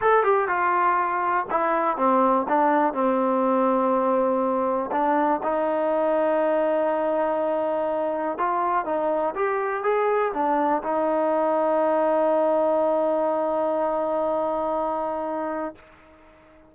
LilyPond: \new Staff \with { instrumentName = "trombone" } { \time 4/4 \tempo 4 = 122 a'8 g'8 f'2 e'4 | c'4 d'4 c'2~ | c'2 d'4 dis'4~ | dis'1~ |
dis'4 f'4 dis'4 g'4 | gis'4 d'4 dis'2~ | dis'1~ | dis'1 | }